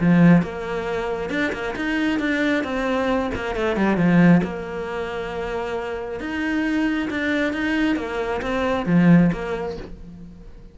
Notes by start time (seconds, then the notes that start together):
0.00 F3
0.42 A#3
1.30 D4
1.52 A#3
1.76 D#4
2.19 D4
2.64 C4
3.35 A#3
3.55 A3
3.76 G3
3.97 F3
4.43 A#3
6.20 D#4
7.10 D4
7.53 D#4
7.96 A#3
8.42 C4
8.86 F3
9.33 A#3